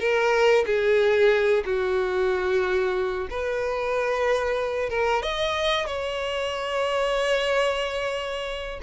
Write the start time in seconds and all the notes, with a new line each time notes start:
0.00 A#4
0.66 G#4
1.66 F#4
3.31 B4
4.90 A#4
5.23 D#5
5.87 C#5